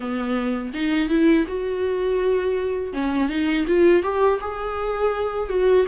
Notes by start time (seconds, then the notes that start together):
0.00 B3
0.73 D#4
1.09 E4
1.47 F#4
2.93 C#4
3.29 D#4
3.67 F4
4.02 G4
4.40 G#4
5.49 F#4